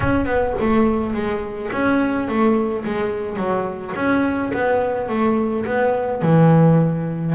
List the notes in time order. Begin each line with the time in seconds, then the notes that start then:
0.00 C#4
0.25 B3
0.60 A3
1.13 G#3
1.72 C#4
2.28 A3
2.85 G#3
3.37 F#3
3.95 C#4
4.53 B3
5.08 A3
5.65 B3
6.22 E3